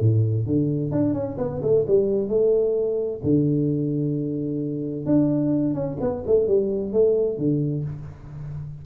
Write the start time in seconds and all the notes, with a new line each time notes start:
0.00 A2
0.46 D3
0.91 D4
1.13 C#4
1.38 B3
1.62 A3
1.87 G3
2.28 A3
3.23 D3
5.06 D4
5.74 C#4
6.00 B3
6.26 A3
6.47 G3
6.92 A3
7.38 D3